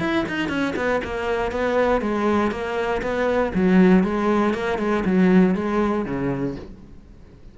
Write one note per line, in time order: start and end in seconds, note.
0.00 0.25 E4
0.29 0.49 D#4
0.49 0.74 C#4
0.76 1.01 B3
1.04 1.52 A#3
1.52 2.01 B3
2.01 2.51 G#3
2.51 3.02 A#3
3.02 3.53 B3
3.55 4.04 F#3
4.04 4.54 G#3
4.54 4.79 A#3
4.79 5.04 G#3
5.05 5.55 F#3
5.55 6.06 G#3
6.06 6.56 C#3